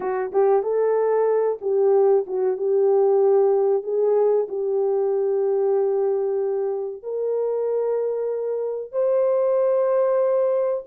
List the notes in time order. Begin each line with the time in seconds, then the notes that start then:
0.00 F#4
0.32 G4
0.62 A4
1.61 G4
2.26 F#4
2.57 G4
3.83 G#4
4.48 G4
7.02 A#4
8.92 C5